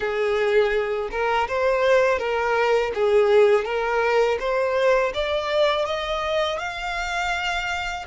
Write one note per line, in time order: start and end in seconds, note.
0.00 1.09 G#4
1.11 1.47 A#4
1.48 2.19 C5
2.19 2.92 A#4
2.94 3.65 G#4
3.65 4.38 A#4
4.39 5.12 C5
5.14 5.85 D5
5.85 6.59 D#5
6.59 8.05 F5